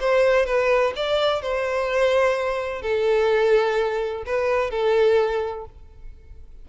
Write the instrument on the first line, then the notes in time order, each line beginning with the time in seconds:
violin
0.00 C5
0.46 B4
0.96 D5
1.41 C5
2.82 A4
4.25 B4
4.71 A4